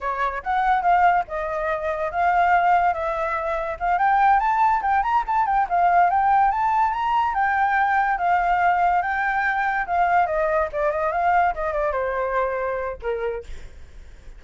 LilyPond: \new Staff \with { instrumentName = "flute" } { \time 4/4 \tempo 4 = 143 cis''4 fis''4 f''4 dis''4~ | dis''4 f''2 e''4~ | e''4 f''8 g''4 a''4 g''8 | ais''8 a''8 g''8 f''4 g''4 a''8~ |
a''8 ais''4 g''2 f''8~ | f''4. g''2 f''8~ | f''8 dis''4 d''8 dis''8 f''4 dis''8 | d''8 c''2~ c''8 ais'4 | }